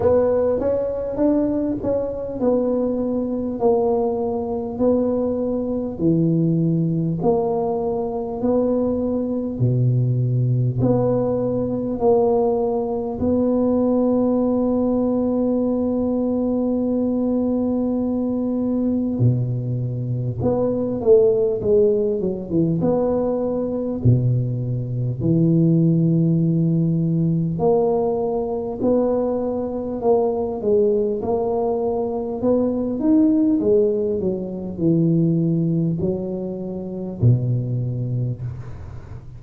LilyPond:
\new Staff \with { instrumentName = "tuba" } { \time 4/4 \tempo 4 = 50 b8 cis'8 d'8 cis'8 b4 ais4 | b4 e4 ais4 b4 | b,4 b4 ais4 b4~ | b1 |
b,4 b8 a8 gis8 fis16 e16 b4 | b,4 e2 ais4 | b4 ais8 gis8 ais4 b8 dis'8 | gis8 fis8 e4 fis4 b,4 | }